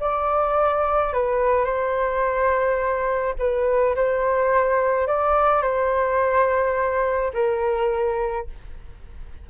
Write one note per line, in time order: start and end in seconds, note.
0.00 1.13 D5
1.13 1.65 B4
1.65 3.34 C5
3.38 3.95 B4
3.95 5.07 C5
5.07 5.62 D5
5.62 7.32 C5
7.34 8.47 A#4